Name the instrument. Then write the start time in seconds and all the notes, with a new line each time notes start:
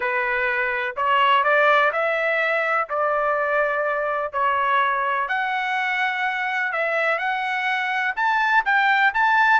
trumpet
0.00 B4
0.96 C#5
1.43 D5
1.92 E5
2.89 D5
4.32 C#5
5.28 F#5
6.72 E5
7.18 F#5
8.16 A5
8.65 G5
9.14 A5